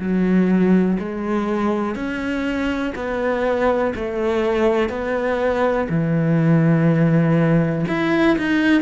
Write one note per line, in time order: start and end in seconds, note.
0.00 0.98 F#3
1.00 1.95 G#3
1.95 2.94 C#4
2.96 3.94 B3
3.95 4.89 A3
4.89 5.87 B3
5.89 7.86 E3
7.88 8.37 E4
8.38 8.82 D#4